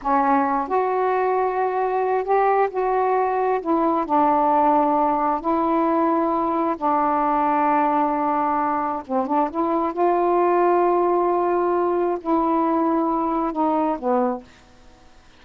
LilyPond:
\new Staff \with { instrumentName = "saxophone" } { \time 4/4 \tempo 4 = 133 cis'4. fis'2~ fis'8~ | fis'4 g'4 fis'2 | e'4 d'2. | e'2. d'4~ |
d'1 | c'8 d'8 e'4 f'2~ | f'2. e'4~ | e'2 dis'4 b4 | }